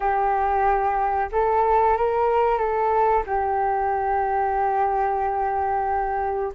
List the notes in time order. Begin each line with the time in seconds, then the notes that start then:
0.00 G4
1.32 A4
1.97 A#4
2.58 A4
3.26 G4